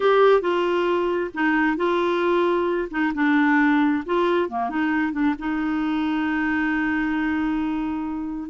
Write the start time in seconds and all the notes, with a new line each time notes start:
0.00 G4
0.41 F4
1.34 D#4
1.76 F4
2.90 D#4
3.14 D4
4.05 F4
4.49 A#3
4.69 D#4
5.12 D4
5.38 D#4